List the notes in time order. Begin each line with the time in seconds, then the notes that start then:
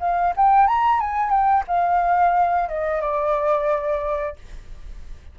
0.00 F5
0.36 G5
0.67 A#5
1.00 G#5
1.30 G5
1.67 F5
2.68 D#5
3.01 D5